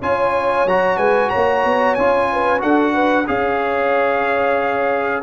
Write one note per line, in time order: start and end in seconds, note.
0.00 0.65 C#4
0.00 0.67 F4
0.00 0.97 C#5
0.00 0.68 G#5
0.65 0.97 F#3
0.65 1.99 F#4
0.65 0.97 A#5
0.97 1.30 G#3
0.97 1.29 B4
0.97 1.29 G#5
1.29 2.27 C#5
1.29 1.94 A#5
1.35 1.64 A#3
1.64 1.96 B3
1.94 2.63 C#4
1.94 2.59 F4
1.94 2.60 G#5
2.32 2.63 B4
2.59 3.28 D4
2.59 3.24 F#4
2.59 2.94 A4
2.59 3.27 F#5
2.94 3.26 B4
3.27 5.22 C#4
3.27 5.22 G#4
3.27 5.22 C#5
3.27 5.22 F5